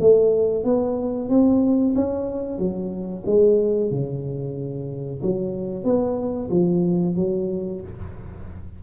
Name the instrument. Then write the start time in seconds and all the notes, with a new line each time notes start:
tuba
0.00 A3
0.64 B3
1.29 C4
1.95 C#4
2.58 F#3
3.26 G#3
3.91 C#3
5.22 F#3
5.84 B3
6.50 F3
7.16 F#3